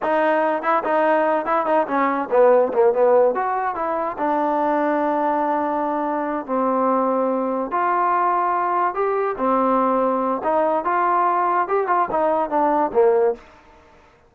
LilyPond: \new Staff \with { instrumentName = "trombone" } { \time 4/4 \tempo 4 = 144 dis'4. e'8 dis'4. e'8 | dis'8 cis'4 b4 ais8 b4 | fis'4 e'4 d'2~ | d'2.~ d'8 c'8~ |
c'2~ c'8 f'4.~ | f'4. g'4 c'4.~ | c'4 dis'4 f'2 | g'8 f'8 dis'4 d'4 ais4 | }